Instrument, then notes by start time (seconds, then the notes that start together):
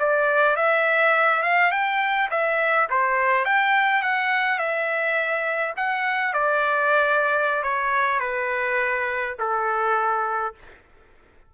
trumpet
0.00 D5
0.57 E5
1.43 F5
1.72 G5
2.31 E5
2.90 C5
3.46 G5
4.03 F#5
4.59 E5
5.77 F#5
6.34 D5
7.64 C#5
8.21 B4
9.39 A4